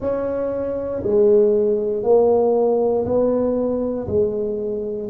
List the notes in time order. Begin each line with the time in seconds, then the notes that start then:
0.00 C#4
1.03 G#3
2.03 A#3
3.05 B3
4.07 G#3